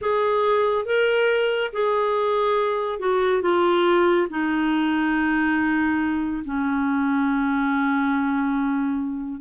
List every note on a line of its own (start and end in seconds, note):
0.01 0.85 G#4
0.85 1.71 A#4
1.73 2.99 G#4
2.99 3.42 F#4
3.42 4.27 F4
4.29 6.44 D#4
6.44 9.40 C#4